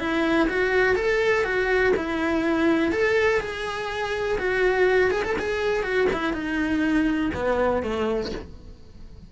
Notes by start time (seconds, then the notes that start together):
0.00 E4
0.49 F#4
0.96 A4
1.45 F#4
1.97 E4
2.92 A4
3.41 G#4
4.39 F#4
5.11 G#4
5.24 A4
5.39 G#4
5.84 F#4
6.13 E4
6.33 D#4
7.34 B3
7.83 A3